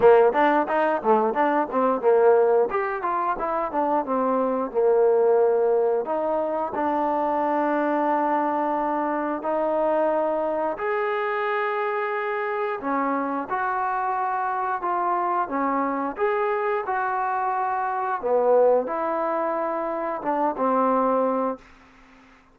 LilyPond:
\new Staff \with { instrumentName = "trombone" } { \time 4/4 \tempo 4 = 89 ais8 d'8 dis'8 a8 d'8 c'8 ais4 | g'8 f'8 e'8 d'8 c'4 ais4~ | ais4 dis'4 d'2~ | d'2 dis'2 |
gis'2. cis'4 | fis'2 f'4 cis'4 | gis'4 fis'2 b4 | e'2 d'8 c'4. | }